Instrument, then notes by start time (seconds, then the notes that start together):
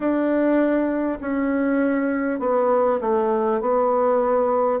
bassoon
0.00 D4
1.20 C#4
2.39 B3
3.01 A3
3.60 B3